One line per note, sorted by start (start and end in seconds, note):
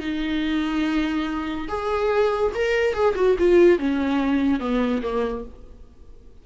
0.00 1.68 D#4
1.68 2.52 G#4
2.55 2.94 A#4
2.94 3.15 G#4
3.15 3.36 F#4
3.39 3.79 F4
3.79 4.60 C#4
4.60 5.02 B3
5.03 5.45 A#3